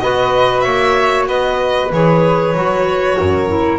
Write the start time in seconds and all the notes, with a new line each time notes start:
0.00 B3 F#4 B4 D#5
0.61 A#3 C#5 E5
1.28 B3 B4 D#5
1.92 E3 G#4 C#5
2.55 F#3 F#4
3.19 F#2 A#4
3.48 E4